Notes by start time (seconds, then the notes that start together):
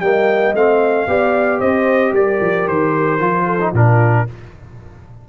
0.00 G3 A#3 D#5 G5
0.54 A3 C4 F5
1.07 B3 G4 D5
1.59 C4 C5 D#5
2.12 G3 A#4 D5
2.40 F3
2.67 D#3 C5
3.19 F3 F4
3.45 A4
3.61 D#4
3.71 A#2 D4 F4 A#4